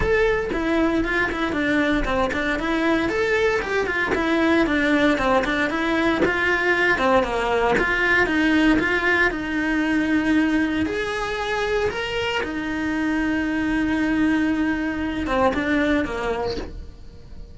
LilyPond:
\new Staff \with { instrumentName = "cello" } { \time 4/4 \tempo 4 = 116 a'4 e'4 f'8 e'8 d'4 | c'8 d'8 e'4 a'4 g'8 f'8 | e'4 d'4 c'8 d'8 e'4 | f'4. c'8 ais4 f'4 |
dis'4 f'4 dis'2~ | dis'4 gis'2 ais'4 | dis'1~ | dis'4. c'8 d'4 ais4 | }